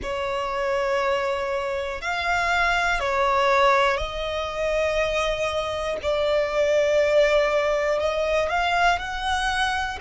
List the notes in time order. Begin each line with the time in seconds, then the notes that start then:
0.02 C#5
2.00 F5
3.00 C#5
3.97 D#5
6.02 D5
7.99 D#5
8.49 F5
8.99 F#5